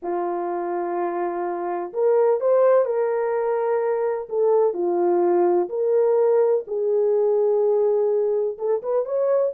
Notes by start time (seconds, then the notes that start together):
0.02 F4
1.93 A#4
2.40 C5
2.85 A#4
4.29 A4
4.73 F4
5.69 A#4
6.67 G#4
8.58 A4
8.82 B4
9.05 C#5